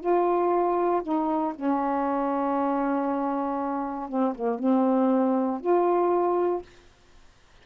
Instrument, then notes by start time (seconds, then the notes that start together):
saxophone
0.00 F4
1.03 D#4
1.55 C#4
4.09 C4
4.35 A#3
4.59 C4
5.61 F4